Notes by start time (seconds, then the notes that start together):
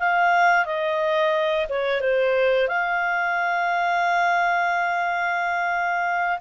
0.00 F5
0.66 D#5
1.69 C#5
2.01 C5
2.68 F5